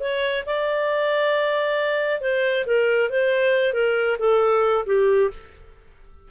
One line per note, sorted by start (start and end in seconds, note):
0.00 0.44 C#5
0.46 2.21 D5
2.21 2.65 C5
2.66 3.10 A#4
3.10 3.73 C5
3.73 4.17 A#4
4.19 4.85 A4
4.86 5.30 G4